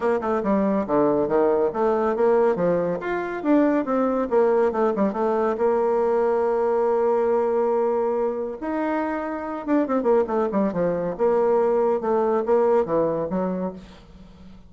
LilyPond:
\new Staff \with { instrumentName = "bassoon" } { \time 4/4 \tempo 4 = 140 ais8 a8 g4 d4 dis4 | a4 ais4 f4 f'4 | d'4 c'4 ais4 a8 g8 | a4 ais2.~ |
ais1 | dis'2~ dis'8 d'8 c'8 ais8 | a8 g8 f4 ais2 | a4 ais4 e4 fis4 | }